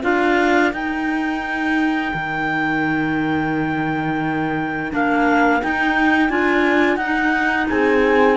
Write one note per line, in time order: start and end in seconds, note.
0.00 0.72 D4
0.00 0.72 F4
0.00 7.67 A#4
0.00 0.72 F5
0.72 4.91 D#4
0.72 2.12 D#4
0.72 4.92 G5
2.13 4.92 D#3
4.91 5.62 A#3
4.91 5.60 D4
4.91 5.62 F5
5.61 6.29 D#4
5.61 6.30 G5
6.29 6.96 D4
6.29 6.99 F4
6.29 6.96 G#5
6.96 7.66 D#4
6.96 8.36 D#4
6.96 7.66 F#5
7.68 8.36 C4
7.68 8.36 G#4
7.68 8.36 G#5